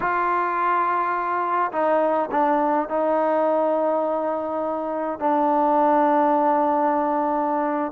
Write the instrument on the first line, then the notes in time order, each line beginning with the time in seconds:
trombone
0.00 F4
1.72 D#4
2.31 D4
2.88 D#4
5.19 D4